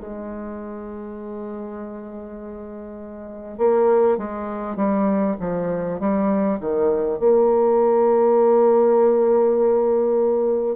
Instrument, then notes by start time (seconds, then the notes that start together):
bassoon
0.00 G#3
3.58 A#3
4.18 G#3
4.76 G3
5.41 F3
6.00 G3
6.60 D#3
7.19 A#3